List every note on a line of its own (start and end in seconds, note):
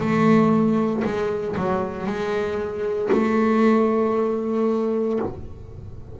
0.00 1.03 A3
1.04 1.56 G#3
1.57 2.07 F#3
2.07 3.10 G#3
3.13 5.20 A3